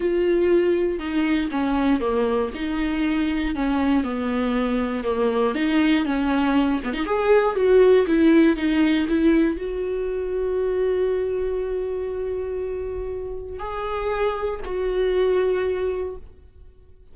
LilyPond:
\new Staff \with { instrumentName = "viola" } { \time 4/4 \tempo 4 = 119 f'2 dis'4 cis'4 | ais4 dis'2 cis'4 | b2 ais4 dis'4 | cis'4. b16 dis'16 gis'4 fis'4 |
e'4 dis'4 e'4 fis'4~ | fis'1~ | fis'2. gis'4~ | gis'4 fis'2. | }